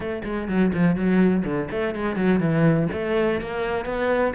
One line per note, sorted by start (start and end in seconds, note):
0.00 0.22 A3
0.24 0.48 G#3
0.48 0.72 F#3
0.73 0.95 F3
0.95 1.44 F#3
1.44 1.68 D3
1.70 1.94 A3
1.94 2.16 G#3
2.16 2.40 F#3
2.40 2.88 E3
2.92 3.40 A3
3.40 3.85 A#3
3.85 4.33 B3